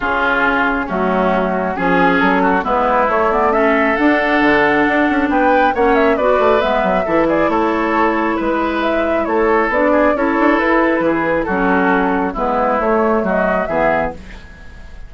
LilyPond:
<<
  \new Staff \with { instrumentName = "flute" } { \time 4/4 \tempo 4 = 136 gis'2 fis'2 | gis'4 a'4 b'4 cis''8 d''8 | e''4 fis''2. | g''4 fis''8 e''8 d''4 e''4~ |
e''8 d''8 cis''2 b'4 | e''4 cis''4 d''4 cis''4 | b'2 a'2 | b'4 cis''4 dis''4 e''4 | }
  \new Staff \with { instrumentName = "oboe" } { \time 4/4 f'2 cis'2 | gis'4. fis'8 e'2 | a'1 | b'4 cis''4 b'2 |
a'8 gis'8 a'2 b'4~ | b'4 a'4. gis'8 a'4~ | a'4 gis'4 fis'2 | e'2 fis'4 gis'4 | }
  \new Staff \with { instrumentName = "clarinet" } { \time 4/4 cis'2 a2 | cis'2 b4 a8 b8 | cis'4 d'2.~ | d'4 cis'4 fis'4 b4 |
e'1~ | e'2 d'4 e'4~ | e'2 cis'2 | b4 a2 b4 | }
  \new Staff \with { instrumentName = "bassoon" } { \time 4/4 cis2 fis2 | f4 fis4 gis4 a4~ | a4 d'4 d4 d'8 cis'8 | b4 ais4 b8 a8 gis8 fis8 |
e4 a2 gis4~ | gis4 a4 b4 cis'8 d'8 | e'4 e4 fis2 | gis4 a4 fis4 e4 | }
>>